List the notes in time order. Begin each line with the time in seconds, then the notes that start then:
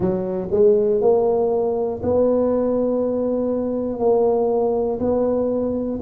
0.00 F#3
0.51 G#3
1.01 A#3
2.02 B3
3.99 A#3
5.00 B3